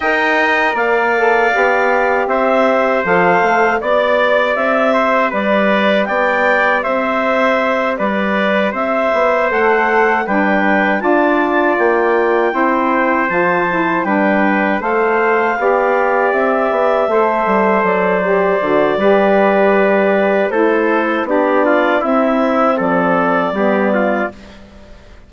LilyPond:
<<
  \new Staff \with { instrumentName = "clarinet" } { \time 4/4 \tempo 4 = 79 g''4 f''2 e''4 | f''4 d''4 e''4 d''4 | g''4 e''4. d''4 e''8~ | e''8 fis''4 g''4 a''4 g''8~ |
g''4. a''4 g''4 f''8~ | f''4. e''2 d''8~ | d''2. c''4 | d''4 e''4 d''2 | }
  \new Staff \with { instrumentName = "trumpet" } { \time 4/4 dis''4 d''2 c''4~ | c''4 d''4. c''8 b'4 | d''4 c''4. b'4 c''8~ | c''4. b'4 d''4.~ |
d''8 c''2 b'4 c''8~ | c''8 d''2 c''4.~ | c''4 b'2 a'4 | g'8 f'8 e'4 a'4 g'8 f'8 | }
  \new Staff \with { instrumentName = "saxophone" } { \time 4/4 ais'4. a'8 g'2 | a'4 g'2.~ | g'1~ | g'8 a'4 d'4 f'4.~ |
f'8 e'4 f'8 e'8 d'4 a'8~ | a'8 g'2 a'4. | g'8 fis'8 g'2 e'4 | d'4 c'2 b4 | }
  \new Staff \with { instrumentName = "bassoon" } { \time 4/4 dis'4 ais4 b4 c'4 | f8 a8 b4 c'4 g4 | b4 c'4. g4 c'8 | b8 a4 g4 d'4 ais8~ |
ais8 c'4 f4 g4 a8~ | a8 b4 c'8 b8 a8 g8 fis8~ | fis8 d8 g2 a4 | b4 c'4 f4 g4 | }
>>